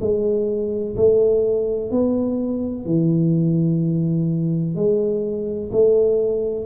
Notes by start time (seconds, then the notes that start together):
0.00 G#3
0.96 A3
1.90 B3
2.85 E3
4.75 G#3
5.72 A3